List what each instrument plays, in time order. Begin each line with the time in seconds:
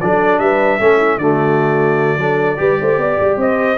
0.00 tuba F#3, trombone D4, horn A4, trumpet D5
0.39 tuba G3, horn B4, trumpet E5
0.80 tuba A3, trombone C#4, horn A4
0.97 horn E4
1.17 tuba D3, trombone A3, horn F#4, trumpet D5
2.17 tuba F#3, trombone D4, horn A4
2.57 tuba G3, trombone G4, horn B4
2.80 tuba A3, horn C5
2.97 tuba B3, horn D5
3.20 tuba G3
3.36 tuba C4, horn C5, trumpet D#5